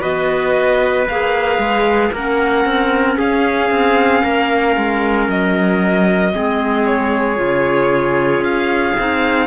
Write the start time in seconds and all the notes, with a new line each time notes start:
0.00 B3 F#4 B4 D#5
1.08 A#3 G#4 F5
1.58 G#3
2.12 A#3 C#4 A#4 F#5
2.65 C4
3.18 C#4 G#4 F5
3.70 C4
4.23 A#3 A#4
4.77 G#3
5.28 F#3 D#5
6.33 G#3 C4 G#4
6.86 C#5
7.36 C#3 F4
8.41 C#4 F5
8.99 C4 D#4